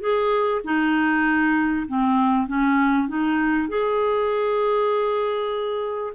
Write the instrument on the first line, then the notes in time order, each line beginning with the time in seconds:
clarinet
0.00 G#4
0.64 D#4
1.87 C4
2.47 C#4
3.08 D#4
3.68 G#4